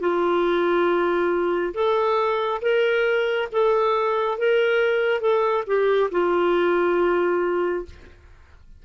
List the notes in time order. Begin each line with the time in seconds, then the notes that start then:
0.00 F4
1.74 A4
2.61 A#4
3.52 A4
4.38 A#4
5.21 A4
5.67 G4
6.11 F4